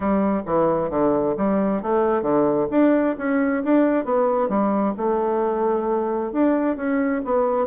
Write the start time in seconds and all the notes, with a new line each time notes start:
0.00 G3
0.46 E3
0.90 D3
1.37 G3
1.82 A3
2.21 D3
2.70 D4
3.18 C#4
3.64 D4
4.05 B3
4.48 G3
4.97 A3
6.32 D4
6.76 C#4
7.24 B3